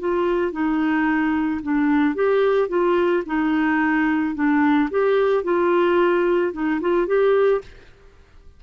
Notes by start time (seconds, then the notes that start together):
0.00 F4
0.52 D#4
1.63 D4
2.15 G4
2.69 F4
3.27 D#4
4.35 D4
4.91 G4
5.44 F4
6.54 D#4
6.81 F4
7.07 G4